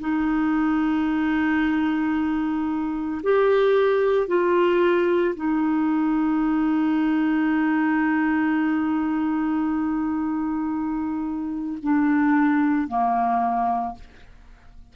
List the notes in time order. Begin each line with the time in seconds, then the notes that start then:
0.00 D#4
3.23 G4
4.27 F4
5.35 D#4
11.82 D4
12.88 A#3